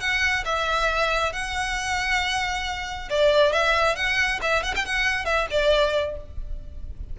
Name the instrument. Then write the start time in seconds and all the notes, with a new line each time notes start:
violin
0.00 F#5
0.45 E5
1.33 F#5
3.10 D5
3.52 E5
3.95 F#5
4.42 E5
4.63 F#5
4.76 G5
4.85 F#5
5.25 E5
5.51 D5